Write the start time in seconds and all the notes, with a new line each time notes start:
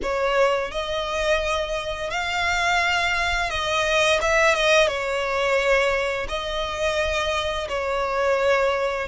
0.02 C#5
0.71 D#5
2.10 F5
3.49 D#5
4.21 E5
4.54 D#5
4.87 C#5
6.28 D#5
7.68 C#5